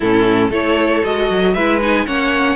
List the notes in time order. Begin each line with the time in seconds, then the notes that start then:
0.00 A2 C#4 E4 A4
0.49 A3 E4 A4 C#5
1.04 G#3 F#4 D#5
1.30 F#3
1.54 G#3 E4 B4 E5
1.81 D#4 G#5
2.06 A#3 C#4 C#5 F#5